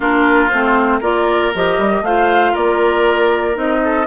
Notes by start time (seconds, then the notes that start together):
0.00 A#3 D4 F4 A#4
0.48 A3 C4 C5
1.00 A#3 F4 A#4 D5
1.54 F3 G4 D#5
1.78 G3
2.01 A3 F4 C5 F5
2.52 A#3 A#4 D5
3.54 C4 D#4 D#5
3.83 A4